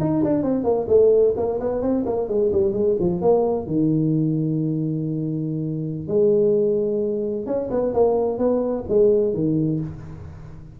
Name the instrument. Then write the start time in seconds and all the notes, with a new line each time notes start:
tuba
0.00 D#4
0.24 D4
0.43 C4
0.64 A#3
0.88 A3
1.36 A#3
1.60 B3
1.82 C4
2.06 A#3
2.28 G#3
2.52 G3
2.73 G#3
3.00 F3
3.21 A#3
3.67 D#3
6.08 G#3
7.46 C#4
7.70 B3
7.94 A#3
8.38 B3
8.89 G#3
9.34 D#3